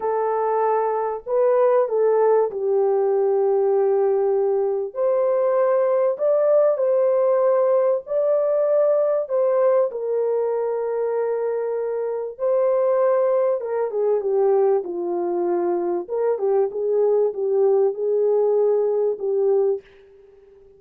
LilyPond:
\new Staff \with { instrumentName = "horn" } { \time 4/4 \tempo 4 = 97 a'2 b'4 a'4 | g'1 | c''2 d''4 c''4~ | c''4 d''2 c''4 |
ais'1 | c''2 ais'8 gis'8 g'4 | f'2 ais'8 g'8 gis'4 | g'4 gis'2 g'4 | }